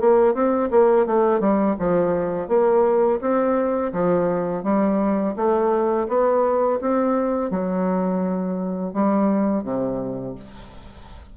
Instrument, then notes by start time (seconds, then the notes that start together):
bassoon
0.00 A#3
0.34 C4
0.70 A#3
1.06 A3
1.40 G3
1.79 F3
2.48 A#3
3.21 C4
3.93 F3
4.64 G3
5.36 A3
6.08 B3
6.81 C4
7.51 F#3
8.94 G3
9.64 C3